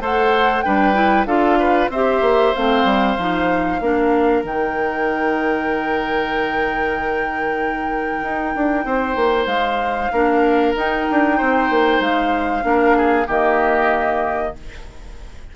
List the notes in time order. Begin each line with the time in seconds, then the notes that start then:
0.00 A3 A4 C5 F#5
0.62 G3 D4 B4 G5
0.94 E4
1.26 D4 F4 A4 F5
1.60 B4
1.89 C4 G4 C5 E5
2.21 A#3
2.54 A3 C4 F5
2.84 G3
3.18 F3 D#4
3.81 A#3 D4 A#4
4.44 D#3 D#4 G5
8.23 D#4
8.55 D4
8.85 C4 C5
9.16 A#3
9.46 G#3 F5
10.12 A#3 D4 A#4
10.76 D#4 G5
11.11 D4
11.37 C4 C5
11.70 A#3
12.00 G#3 F5
12.62 A#3 D4 A#4
12.97 G#4
13.27 D#3 A#3 G4 D#5